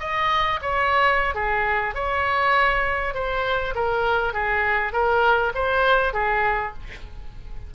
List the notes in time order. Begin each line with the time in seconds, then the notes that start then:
0.00 D#5
0.62 C#5
1.35 G#4
1.95 C#5
3.14 C5
3.75 A#4
4.34 G#4
4.93 A#4
5.55 C5
6.14 G#4